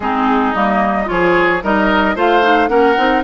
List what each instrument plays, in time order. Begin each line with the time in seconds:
0.00 bassoon G#3, clarinet C4, oboe D#4, flute G#4
0.54 bassoon G3, clarinet A#3, flute D#5
1.05 bassoon F3, clarinet F4, oboe G#4, flute C#5
1.63 bassoon G3, clarinet D#4, oboe A#4, flute D#5
2.15 bassoon A3, clarinet F4, oboe C5, flute F5
2.42 clarinet D#4
2.68 bassoon A#3, clarinet C#4, oboe A#4, flute F#5
2.97 bassoon C4, clarinet D#4